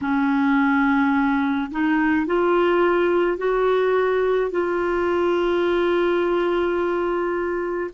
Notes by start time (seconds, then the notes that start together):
0.01 C#4
1.71 D#4
2.26 F4
3.37 F#4
4.50 F4